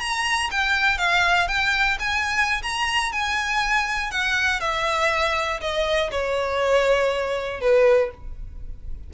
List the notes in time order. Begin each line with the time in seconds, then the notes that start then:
0.00 A#5
0.51 G5
0.98 F5
1.48 G5
1.99 G#5
2.63 A#5
3.12 G#5
4.11 F#5
4.60 E5
5.61 D#5
6.11 C#5
7.61 B4